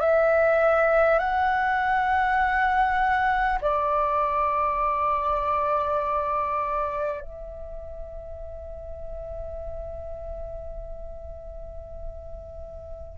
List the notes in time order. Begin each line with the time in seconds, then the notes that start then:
0.00 E5
1.18 F#5
3.61 D5
7.21 E5